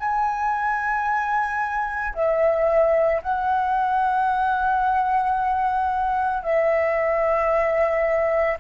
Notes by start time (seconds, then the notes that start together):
0.00 G#5
2.15 E5
3.22 F#5
6.43 E5